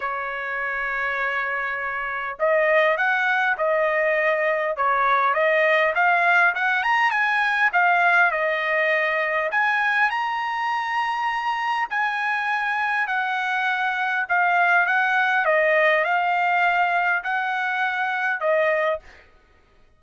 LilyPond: \new Staff \with { instrumentName = "trumpet" } { \time 4/4 \tempo 4 = 101 cis''1 | dis''4 fis''4 dis''2 | cis''4 dis''4 f''4 fis''8 ais''8 | gis''4 f''4 dis''2 |
gis''4 ais''2. | gis''2 fis''2 | f''4 fis''4 dis''4 f''4~ | f''4 fis''2 dis''4 | }